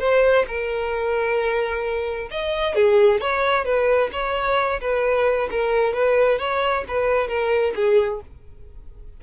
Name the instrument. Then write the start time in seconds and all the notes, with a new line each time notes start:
violin
0.00 C5
0.48 A#4
2.31 D#5
2.76 G#4
3.21 C#5
3.65 B4
4.13 C#5
4.81 B4
5.51 A#4
5.94 B4
6.39 C#5
6.88 B4
7.29 A#4
7.76 G#4